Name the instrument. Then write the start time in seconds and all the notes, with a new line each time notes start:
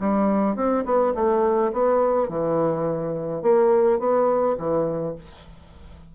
bassoon
0.00 G3
0.56 C4
0.85 B3
1.15 A3
1.73 B3
2.29 E3
3.42 A#3
3.99 B3
4.58 E3